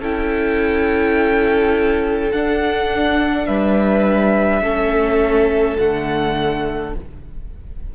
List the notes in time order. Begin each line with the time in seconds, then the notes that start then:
0.00 C#4 E4 A4 G5
2.32 D4 F#5
3.46 G3 B4 E5
4.61 A3 C#4 A4
5.78 D3 A3 F#5